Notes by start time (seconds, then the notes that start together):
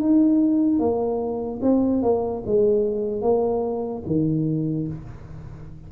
0.00 D#4
0.79 A#3
1.62 C4
2.03 A#3
2.46 G#3
3.22 A#3
4.07 D#3